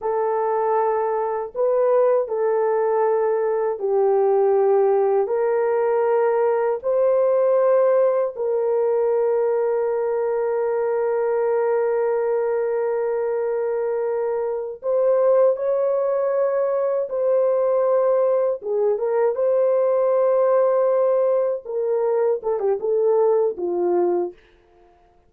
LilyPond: \new Staff \with { instrumentName = "horn" } { \time 4/4 \tempo 4 = 79 a'2 b'4 a'4~ | a'4 g'2 ais'4~ | ais'4 c''2 ais'4~ | ais'1~ |
ais'2.~ ais'8 c''8~ | c''8 cis''2 c''4.~ | c''8 gis'8 ais'8 c''2~ c''8~ | c''8 ais'4 a'16 g'16 a'4 f'4 | }